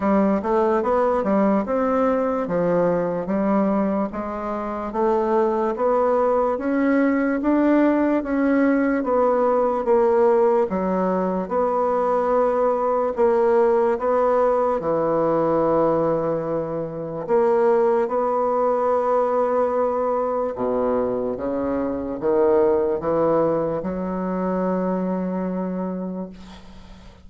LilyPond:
\new Staff \with { instrumentName = "bassoon" } { \time 4/4 \tempo 4 = 73 g8 a8 b8 g8 c'4 f4 | g4 gis4 a4 b4 | cis'4 d'4 cis'4 b4 | ais4 fis4 b2 |
ais4 b4 e2~ | e4 ais4 b2~ | b4 b,4 cis4 dis4 | e4 fis2. | }